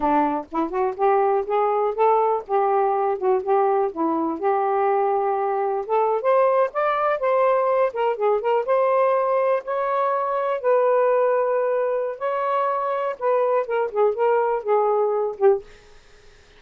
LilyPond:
\new Staff \with { instrumentName = "saxophone" } { \time 4/4 \tempo 4 = 123 d'4 e'8 fis'8 g'4 gis'4 | a'4 g'4. fis'8 g'4 | e'4 g'2. | a'8. c''4 d''4 c''4~ c''16~ |
c''16 ais'8 gis'8 ais'8 c''2 cis''16~ | cis''4.~ cis''16 b'2~ b'16~ | b'4 cis''2 b'4 | ais'8 gis'8 ais'4 gis'4. g'8 | }